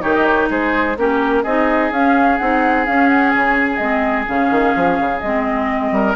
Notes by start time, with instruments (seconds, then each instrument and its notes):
0.00 bassoon D#3, clarinet D#4, oboe G4, flute C#5
0.13 flute D#5
0.25 flute C#5
0.49 bassoon G#3, oboe G#4, flute C5
0.97 bassoon A#3, clarinet C#4, oboe G4, flute A#4
1.43 bassoon C4, clarinet D#4, oboe G#4, flute D#5
1.91 bassoon C#4, clarinet C#4, flute F5
2.38 bassoon C4, clarinet D#4, flute F#5
2.85 clarinet C#4, bassoon C#4, flute F5
3.08 flute F#5
3.30 bassoon C#3, flute G#5
3.76 bassoon G#3, clarinet C4, flute D#5
4.26 bassoon C#3, clarinet C#4, flute F5
4.51 bassoon D#3
4.75 bassoon F3
5.00 bassoon C#3
5.20 bassoon G#3, clarinet C4, flute D#5
5.91 bassoon G3, oboe A#4